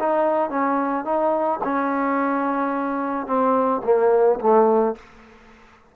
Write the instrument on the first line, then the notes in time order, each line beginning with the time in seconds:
trombone
0.00 D#4
0.50 C#4
1.05 D#4
1.64 C#4
3.27 C4
3.85 A#3
4.41 A3